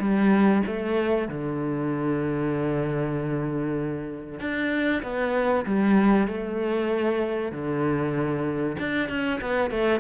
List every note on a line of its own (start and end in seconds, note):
0.00 0.62 G3
0.67 1.28 A3
1.28 4.40 D3
4.40 5.02 D4
5.03 5.65 B3
5.66 6.28 G3
6.28 7.52 A3
7.52 8.77 D3
8.79 9.09 D4
9.09 9.40 C#4
9.41 9.71 B3
9.71 10.00 A3